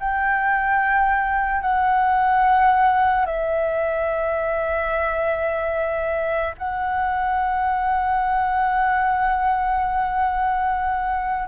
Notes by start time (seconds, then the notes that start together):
0.00 G5
1.61 F#5
3.26 E5
6.58 F#5